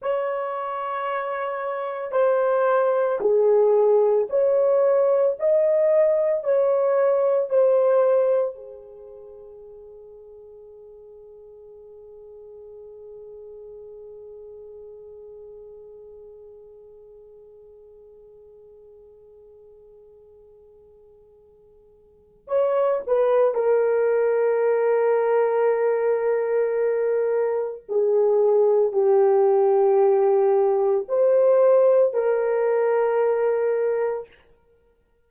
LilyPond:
\new Staff \with { instrumentName = "horn" } { \time 4/4 \tempo 4 = 56 cis''2 c''4 gis'4 | cis''4 dis''4 cis''4 c''4 | gis'1~ | gis'1~ |
gis'1~ | gis'4 cis''8 b'8 ais'2~ | ais'2 gis'4 g'4~ | g'4 c''4 ais'2 | }